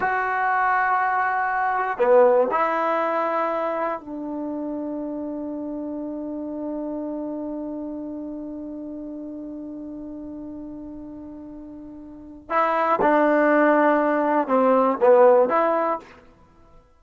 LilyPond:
\new Staff \with { instrumentName = "trombone" } { \time 4/4 \tempo 4 = 120 fis'1 | b4 e'2. | d'1~ | d'1~ |
d'1~ | d'1~ | d'4 e'4 d'2~ | d'4 c'4 b4 e'4 | }